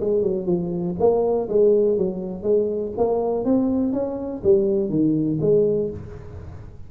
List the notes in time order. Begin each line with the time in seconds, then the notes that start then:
0.00 G#3
0.22 F#3
0.46 F3
0.99 A#3
1.49 G#3
1.97 F#3
2.42 G#3
2.97 A#3
3.44 C4
3.93 C#4
4.43 G3
4.89 D#3
5.41 G#3